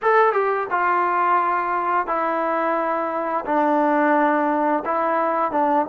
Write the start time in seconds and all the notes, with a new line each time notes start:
0.02 A4
0.32 G4
0.70 F4
2.07 E4
3.45 D4
4.85 E4
5.51 D4